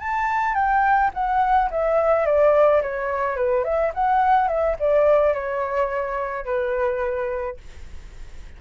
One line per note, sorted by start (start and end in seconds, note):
0.00 0.55 A5
0.55 1.11 G5
1.14 1.70 F#5
1.71 2.26 E5
2.26 2.82 D5
2.82 3.36 C#5
3.36 3.64 B4
3.64 3.92 E5
3.94 4.48 F#5
4.48 4.76 E5
4.79 5.34 D5
5.34 6.45 C#5
6.45 7.57 B4